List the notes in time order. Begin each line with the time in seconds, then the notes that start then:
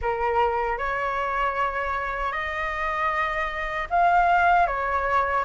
0.01 A#4
0.78 C#5
2.32 D#5
3.90 F5
4.66 C#5